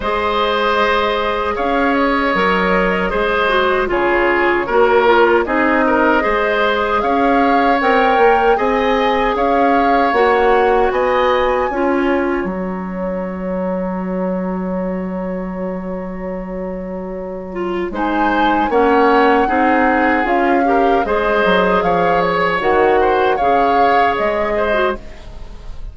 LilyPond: <<
  \new Staff \with { instrumentName = "flute" } { \time 4/4 \tempo 4 = 77 dis''2 f''8 dis''4.~ | dis''4 cis''2 dis''4~ | dis''4 f''4 g''4 gis''4 | f''4 fis''4 gis''2 |
ais''1~ | ais''2. gis''4 | fis''2 f''4 dis''4 | f''8 cis''8 fis''4 f''4 dis''4 | }
  \new Staff \with { instrumentName = "oboe" } { \time 4/4 c''2 cis''2 | c''4 gis'4 ais'4 gis'8 ais'8 | c''4 cis''2 dis''4 | cis''2 dis''4 cis''4~ |
cis''1~ | cis''2. c''4 | cis''4 gis'4. ais'8 c''4 | cis''4. c''8 cis''4. c''8 | }
  \new Staff \with { instrumentName = "clarinet" } { \time 4/4 gis'2. ais'4 | gis'8 fis'8 f'4 fis'8 f'8 dis'4 | gis'2 ais'4 gis'4~ | gis'4 fis'2 f'4 |
fis'1~ | fis'2~ fis'8 f'8 dis'4 | cis'4 dis'4 f'8 g'8 gis'4~ | gis'4 fis'4 gis'4.~ gis'16 fis'16 | }
  \new Staff \with { instrumentName = "bassoon" } { \time 4/4 gis2 cis'4 fis4 | gis4 cis4 ais4 c'4 | gis4 cis'4 c'8 ais8 c'4 | cis'4 ais4 b4 cis'4 |
fis1~ | fis2. gis4 | ais4 c'4 cis'4 gis8 fis8 | f4 dis4 cis4 gis4 | }
>>